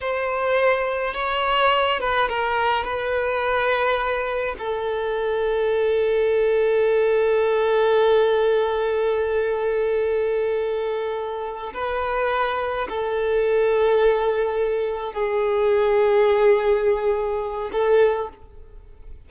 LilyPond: \new Staff \with { instrumentName = "violin" } { \time 4/4 \tempo 4 = 105 c''2 cis''4. b'8 | ais'4 b'2. | a'1~ | a'1~ |
a'1~ | a'8 b'2 a'4.~ | a'2~ a'8 gis'4.~ | gis'2. a'4 | }